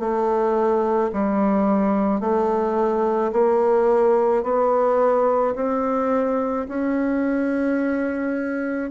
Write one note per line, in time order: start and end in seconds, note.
0.00 1.11 A3
1.13 2.21 G3
2.21 3.32 A3
3.33 4.44 A#3
4.44 5.55 B3
5.56 6.67 C4
6.69 8.91 C#4